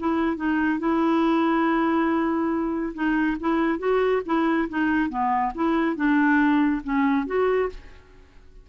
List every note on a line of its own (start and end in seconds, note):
0.00 0.37 E4
0.37 0.79 D#4
0.79 2.94 E4
2.95 3.37 D#4
3.40 3.79 E4
3.79 4.22 F#4
4.26 4.69 E4
4.69 5.10 D#4
5.10 5.53 B3
5.55 5.96 E4
5.96 6.82 D4
6.84 7.26 C#4
7.26 7.69 F#4